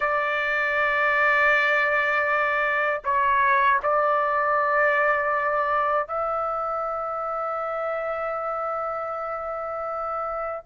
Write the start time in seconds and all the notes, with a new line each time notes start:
0.00 D5
3.04 C#5
3.83 D5
6.07 E5